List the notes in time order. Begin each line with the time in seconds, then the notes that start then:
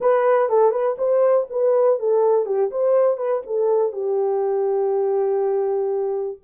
0.00 B4
0.49 A4
0.71 B4
0.98 C5
1.50 B4
1.99 A4
2.45 G4
2.70 C5
3.17 B4
3.46 A4
3.92 G4